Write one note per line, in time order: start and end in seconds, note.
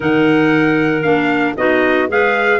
0.00 1.03 D#3
0.00 1.03 D#4
0.00 1.55 A#4
0.00 1.02 F#5
1.02 1.56 A#3
1.02 1.55 D4
1.02 1.54 F5
1.57 2.09 B3
1.57 2.08 D#4
1.57 2.09 F#4
1.57 2.09 D#5
2.08 2.60 G#3
2.08 2.60 G#4
2.08 2.60 B4
2.08 2.60 F5